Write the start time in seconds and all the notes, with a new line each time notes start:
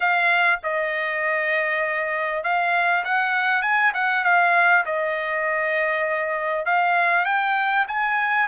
0.00 F5
0.63 D#5
2.43 F5
3.04 F#5
3.62 G#5
3.94 F#5
4.23 F5
4.85 D#5
6.65 F5
7.25 G5
7.87 G#5